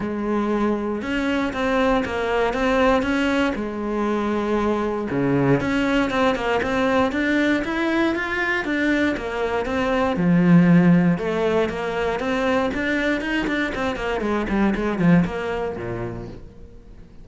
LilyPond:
\new Staff \with { instrumentName = "cello" } { \time 4/4 \tempo 4 = 118 gis2 cis'4 c'4 | ais4 c'4 cis'4 gis4~ | gis2 cis4 cis'4 | c'8 ais8 c'4 d'4 e'4 |
f'4 d'4 ais4 c'4 | f2 a4 ais4 | c'4 d'4 dis'8 d'8 c'8 ais8 | gis8 g8 gis8 f8 ais4 ais,4 | }